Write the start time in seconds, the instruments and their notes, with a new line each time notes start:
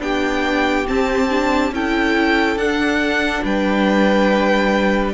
0.00 cello B3, viola D4, violin G4 G5
0.87 viola C4, cello C4, violin A5
1.30 viola D4
1.72 cello C#4, viola E4, violin A4 G5
2.56 cello D4, viola D4, violin F#5
3.44 cello G3, violin B4 G5